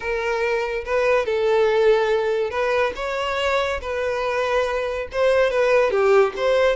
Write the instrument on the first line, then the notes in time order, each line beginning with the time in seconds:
violin
0.00 A#4
0.85 B4
1.25 A4
2.50 B4
2.95 C#5
3.81 B4
5.11 C5
5.50 B4
5.90 G4
6.36 C5